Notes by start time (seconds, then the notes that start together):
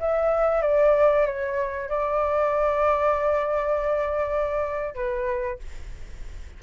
0.00 E5
0.62 D5
1.26 C#5
1.89 D5
4.94 B4